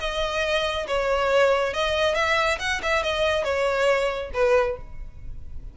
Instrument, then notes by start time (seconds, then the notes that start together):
violin
0.00 D#5
0.87 C#5
1.74 D#5
2.15 E5
2.59 F#5
2.82 E5
3.03 D#5
3.44 C#5
4.34 B4